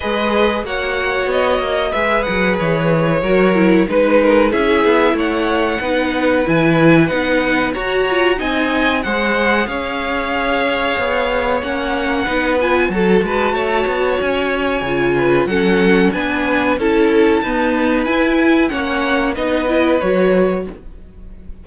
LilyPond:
<<
  \new Staff \with { instrumentName = "violin" } { \time 4/4 \tempo 4 = 93 dis''4 fis''4 dis''4 e''8 fis''8 | cis''2 b'4 e''4 | fis''2 gis''4 fis''4 | ais''4 gis''4 fis''4 f''4~ |
f''2 fis''4. gis''8 | a''2 gis''2 | fis''4 gis''4 a''2 | gis''4 fis''4 dis''4 cis''4 | }
  \new Staff \with { instrumentName = "violin" } { \time 4/4 b'4 cis''2 b'4~ | b'4 ais'4 b'8 ais'8 gis'4 | cis''4 b'2. | cis''4 dis''4 c''4 cis''4~ |
cis''2. b'4 | a'8 b'8 cis''2~ cis''8 b'8 | a'4 b'4 a'4 b'4~ | b'4 cis''4 b'2 | }
  \new Staff \with { instrumentName = "viola" } { \time 4/4 gis'4 fis'2 gis'4~ | gis'4 fis'8 e'8 dis'4 e'4~ | e'4 dis'4 e'4 dis'4 | fis'8 f'8 dis'4 gis'2~ |
gis'2 cis'4 dis'8 f'8 | fis'2. f'4 | cis'4 d'4 e'4 b4 | e'4 cis'4 dis'8 e'8 fis'4 | }
  \new Staff \with { instrumentName = "cello" } { \time 4/4 gis4 ais4 b8 ais8 gis8 fis8 | e4 fis4 gis4 cis'8 b8 | a4 b4 e4 b4 | fis'4 c'4 gis4 cis'4~ |
cis'4 b4 ais4 b4 | fis8 gis8 a8 b8 cis'4 cis4 | fis4 b4 cis'4 dis'4 | e'4 ais4 b4 fis4 | }
>>